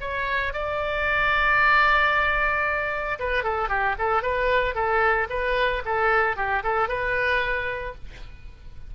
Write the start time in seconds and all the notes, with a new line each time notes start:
0.00 C#5
0.53 D5
3.19 B4
3.43 A4
3.69 G4
3.98 A4
4.22 B4
4.74 A4
5.29 B4
5.85 A4
6.36 G4
6.63 A4
6.88 B4